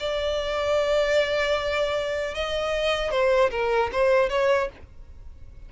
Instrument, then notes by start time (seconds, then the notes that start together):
violin
0.00 D5
2.35 D#5
3.11 C5
3.51 A#4
3.93 C5
4.30 C#5